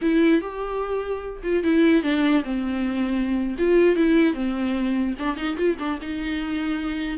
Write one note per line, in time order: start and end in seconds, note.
0.01 0.41 E4
0.41 1.42 G4
1.43 1.63 F4
1.63 2.02 E4
2.02 2.43 D4
2.44 3.55 C4
3.58 3.96 F4
3.96 4.33 E4
4.33 5.14 C4
5.18 5.36 D4
5.36 5.56 D#4
5.57 5.77 F4
5.78 5.99 D4
6.01 7.18 D#4